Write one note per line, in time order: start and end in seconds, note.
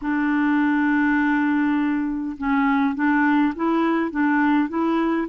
0.01 2.37 D4
2.37 2.94 C#4
2.94 3.53 D4
3.55 4.10 E4
4.10 4.68 D4
4.68 5.27 E4